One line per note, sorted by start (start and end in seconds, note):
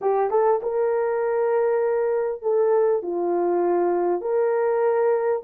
0.01 0.30 G4
0.30 0.61 A4
0.62 2.42 A#4
2.42 3.02 A4
3.02 4.21 F4
4.21 5.42 A#4